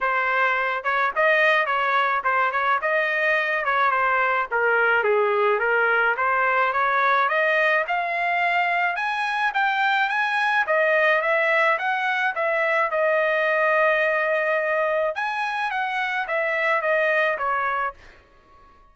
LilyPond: \new Staff \with { instrumentName = "trumpet" } { \time 4/4 \tempo 4 = 107 c''4. cis''8 dis''4 cis''4 | c''8 cis''8 dis''4. cis''8 c''4 | ais'4 gis'4 ais'4 c''4 | cis''4 dis''4 f''2 |
gis''4 g''4 gis''4 dis''4 | e''4 fis''4 e''4 dis''4~ | dis''2. gis''4 | fis''4 e''4 dis''4 cis''4 | }